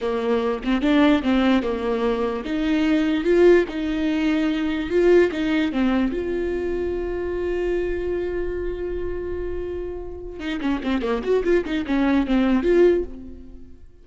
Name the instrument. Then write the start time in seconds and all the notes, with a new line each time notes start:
viola
0.01 A#3
0.63 C4
0.81 D4
1.22 C4
1.62 A#3
2.45 D#4
3.24 F4
3.68 D#4
4.90 F4
5.31 D#4
5.72 C4
6.12 F4
10.39 D#4
10.60 C#4
10.83 C4
11.01 A#3
11.22 F#4
11.43 F4
11.64 D#4
11.86 C#4
12.26 C4
12.62 F4